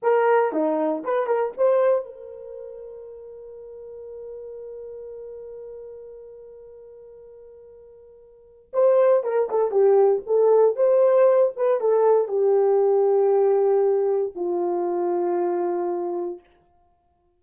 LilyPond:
\new Staff \with { instrumentName = "horn" } { \time 4/4 \tempo 4 = 117 ais'4 dis'4 b'8 ais'8 c''4 | ais'1~ | ais'1~ | ais'1~ |
ais'4 c''4 ais'8 a'8 g'4 | a'4 c''4. b'8 a'4 | g'1 | f'1 | }